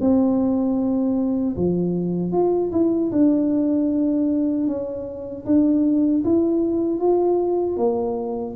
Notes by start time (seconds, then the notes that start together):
0.00 C4
1.56 F3
2.32 F4
2.72 E4
3.11 D4
4.67 C#4
5.45 D4
6.24 E4
6.99 F4
7.76 A#3